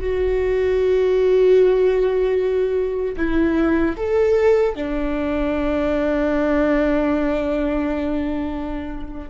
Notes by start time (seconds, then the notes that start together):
0.00 F#4
3.17 E4
3.97 A4
4.75 D4